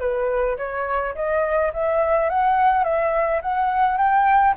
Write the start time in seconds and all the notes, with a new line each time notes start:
0.00 B4
0.58 C#5
1.15 D#5
1.74 E5
2.30 F#5
2.84 E5
3.42 F#5
3.98 G5